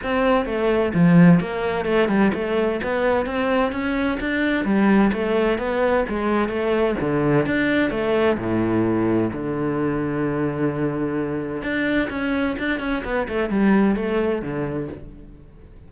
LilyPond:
\new Staff \with { instrumentName = "cello" } { \time 4/4 \tempo 4 = 129 c'4 a4 f4 ais4 | a8 g8 a4 b4 c'4 | cis'4 d'4 g4 a4 | b4 gis4 a4 d4 |
d'4 a4 a,2 | d1~ | d4 d'4 cis'4 d'8 cis'8 | b8 a8 g4 a4 d4 | }